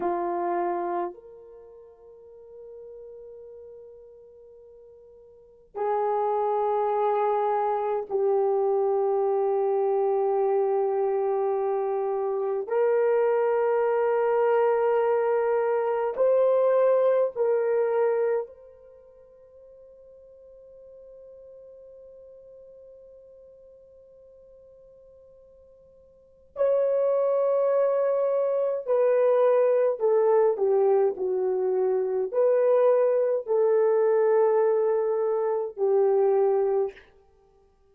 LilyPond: \new Staff \with { instrumentName = "horn" } { \time 4/4 \tempo 4 = 52 f'4 ais'2.~ | ais'4 gis'2 g'4~ | g'2. ais'4~ | ais'2 c''4 ais'4 |
c''1~ | c''2. cis''4~ | cis''4 b'4 a'8 g'8 fis'4 | b'4 a'2 g'4 | }